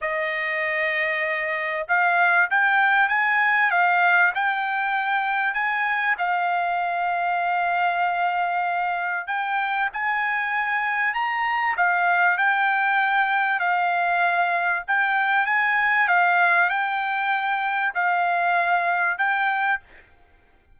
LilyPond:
\new Staff \with { instrumentName = "trumpet" } { \time 4/4 \tempo 4 = 97 dis''2. f''4 | g''4 gis''4 f''4 g''4~ | g''4 gis''4 f''2~ | f''2. g''4 |
gis''2 ais''4 f''4 | g''2 f''2 | g''4 gis''4 f''4 g''4~ | g''4 f''2 g''4 | }